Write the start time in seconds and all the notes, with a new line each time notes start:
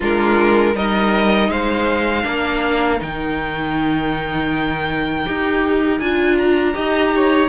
0.00 G#3 D4 F4 A#4
0.74 G3 D#4 A#4 D#5
1.49 G#3 C5 F5
2.23 A#3 D4 A#4
2.99 D#3 D#4 G5
5.25 D#4 G4
5.99 D4 F4 G#5
6.37 A#5
6.73 D#4 G4 D#5
7.15 C#5